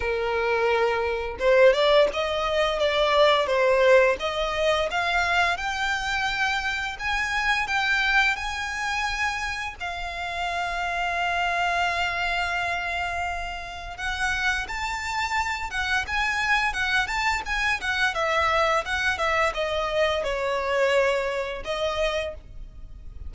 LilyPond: \new Staff \with { instrumentName = "violin" } { \time 4/4 \tempo 4 = 86 ais'2 c''8 d''8 dis''4 | d''4 c''4 dis''4 f''4 | g''2 gis''4 g''4 | gis''2 f''2~ |
f''1 | fis''4 a''4. fis''8 gis''4 | fis''8 a''8 gis''8 fis''8 e''4 fis''8 e''8 | dis''4 cis''2 dis''4 | }